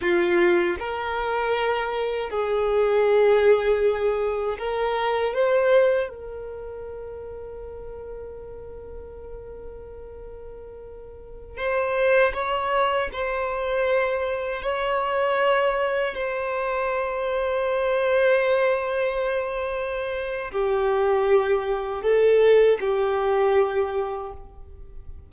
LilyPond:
\new Staff \with { instrumentName = "violin" } { \time 4/4 \tempo 4 = 79 f'4 ais'2 gis'4~ | gis'2 ais'4 c''4 | ais'1~ | ais'2.~ ais'16 c''8.~ |
c''16 cis''4 c''2 cis''8.~ | cis''4~ cis''16 c''2~ c''8.~ | c''2. g'4~ | g'4 a'4 g'2 | }